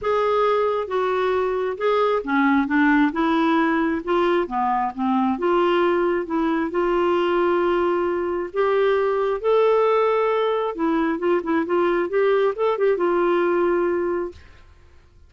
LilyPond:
\new Staff \with { instrumentName = "clarinet" } { \time 4/4 \tempo 4 = 134 gis'2 fis'2 | gis'4 cis'4 d'4 e'4~ | e'4 f'4 b4 c'4 | f'2 e'4 f'4~ |
f'2. g'4~ | g'4 a'2. | e'4 f'8 e'8 f'4 g'4 | a'8 g'8 f'2. | }